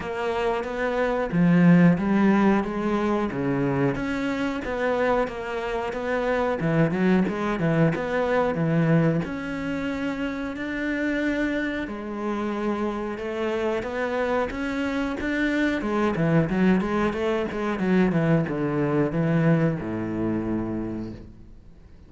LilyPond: \new Staff \with { instrumentName = "cello" } { \time 4/4 \tempo 4 = 91 ais4 b4 f4 g4 | gis4 cis4 cis'4 b4 | ais4 b4 e8 fis8 gis8 e8 | b4 e4 cis'2 |
d'2 gis2 | a4 b4 cis'4 d'4 | gis8 e8 fis8 gis8 a8 gis8 fis8 e8 | d4 e4 a,2 | }